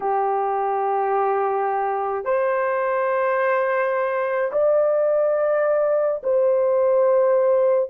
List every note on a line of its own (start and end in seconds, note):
0.00 2.24 G4
2.24 4.51 C5
4.52 6.22 D5
6.23 7.89 C5